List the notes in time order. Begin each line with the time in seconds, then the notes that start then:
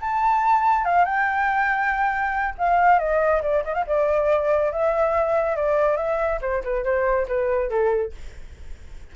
0.00 A5
0.85 F5
1.05 G5
2.58 F5
2.98 D#5
3.42 D5
3.64 D#5
3.74 F5
3.86 D5
4.72 E5
5.56 D5
5.96 E5
6.41 C5
6.64 B4
6.84 C5
7.28 B4
7.69 A4